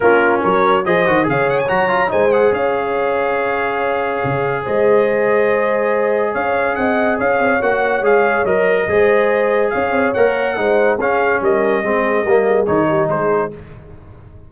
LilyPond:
<<
  \new Staff \with { instrumentName = "trumpet" } { \time 4/4 \tempo 4 = 142 ais'4 cis''4 dis''4 f''8 fis''16 gis''16 | ais''4 gis''8 fis''8 f''2~ | f''2. dis''4~ | dis''2. f''4 |
fis''4 f''4 fis''4 f''4 | dis''2. f''4 | fis''2 f''4 dis''4~ | dis''2 cis''4 c''4 | }
  \new Staff \with { instrumentName = "horn" } { \time 4/4 f'4 ais'4 c''4 cis''4~ | cis''4 c''4 cis''2~ | cis''2. c''4~ | c''2. cis''4 |
dis''4 cis''2.~ | cis''4 c''2 cis''4~ | cis''4 c''4 gis'4 ais'4 | gis'4 ais'8 gis'4 g'8 gis'4 | }
  \new Staff \with { instrumentName = "trombone" } { \time 4/4 cis'2 gis'8 fis'8 gis'4 | fis'8 f'8 dis'8 gis'2~ gis'8~ | gis'1~ | gis'1~ |
gis'2 fis'4 gis'4 | ais'4 gis'2. | ais'4 dis'4 cis'2 | c'4 ais4 dis'2 | }
  \new Staff \with { instrumentName = "tuba" } { \time 4/4 ais4 fis4 f8 dis8 cis4 | fis4 gis4 cis'2~ | cis'2 cis4 gis4~ | gis2. cis'4 |
c'4 cis'8 c'8 ais4 gis4 | fis4 gis2 cis'8 c'8 | ais4 gis4 cis'4 g4 | gis4 g4 dis4 gis4 | }
>>